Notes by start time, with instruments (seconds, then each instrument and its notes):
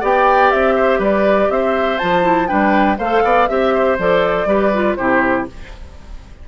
0.00 bassoon B3, clarinet G4, oboe D5, flute G5
0.51 bassoon C4, flute E5
0.76 oboe C5
0.99 bassoon G3, oboe B4, flute D5
1.49 bassoon C4, oboe C5, flute E5
1.98 bassoon F3, clarinet F4, flute A5
2.22 clarinet E4
2.47 bassoon G3, clarinet D4, oboe B4, flute G5
2.98 bassoon A3, clarinet A4, oboe C5, flute F5
3.23 bassoon B3, oboe D5
3.48 bassoon C4, clarinet G4, flute E5, oboe E5
3.74 oboe C5
3.98 bassoon F3, clarinet A4, flute D5
4.46 bassoon G3, clarinet G4, oboe B4
4.73 clarinet F4
4.95 bassoon C3, clarinet E4, oboe G4, flute C5